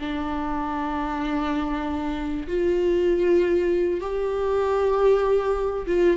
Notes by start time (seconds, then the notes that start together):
0.00 D4
2.48 F4
4.01 G4
5.87 F4